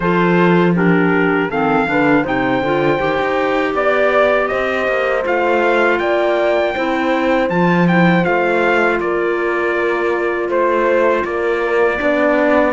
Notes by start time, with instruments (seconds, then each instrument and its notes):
0.00 cello F3, clarinet F4, horn A4, trumpet C5
0.75 clarinet D4, horn G4, trumpet A#4
1.49 cello D#3, clarinet C4, horn A4, trumpet F5
1.86 cello D3, clarinet D4, horn B4
2.23 cello C3, clarinet D#4, horn C5, trumpet G5
2.61 cello D3, clarinet F4
2.98 cello D#3, clarinet G4
3.20 cello D#4
3.74 cello B3, trumpet D5, horn D5
4.47 cello C4, horn C5, trumpet D#5
4.87 cello A#3
5.24 cello A3, clarinet F4, trumpet F5
5.98 cello A#3, horn D5, trumpet G5
6.75 cello C4, clarinet E4, horn C5
7.49 cello F3, clarinet F4, trumpet A5
7.87 clarinet E4, trumpet G5
8.22 cello A3, clarinet F4, trumpet F5
9.00 cello A#3, horn A#4, trumpet D5
10.49 cello A3, horn C5, trumpet C5
11.24 cello A#3, horn A#4, trumpet D5
11.97 cello B3, clarinet D4, horn D5